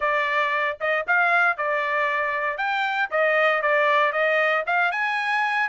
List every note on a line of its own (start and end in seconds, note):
0.00 0.78 D5
0.80 1.06 D#5
1.07 1.57 F5
1.57 2.57 D5
2.57 3.09 G5
3.10 3.61 D#5
3.61 4.12 D5
4.12 4.64 D#5
4.66 4.91 F5
4.91 5.69 G#5